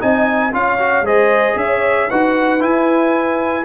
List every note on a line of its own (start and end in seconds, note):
0.00 0.53 C4
0.00 0.52 D#4
0.00 0.53 D#5
0.00 0.54 G#5
0.52 1.02 C#4
0.52 0.78 F4
0.52 1.06 C#5
0.52 1.07 F5
0.79 1.05 F#4
1.02 1.54 G#3
1.02 2.10 G#4
1.02 1.58 C5
1.02 1.58 D#5
1.56 2.08 C#4
1.56 2.09 C#5
1.56 2.10 E5
2.09 2.63 D#4
2.09 2.60 F#4
2.09 3.66 B4
2.09 2.62 F#5
2.60 3.65 E4
2.60 3.66 E4
2.60 3.66 G#5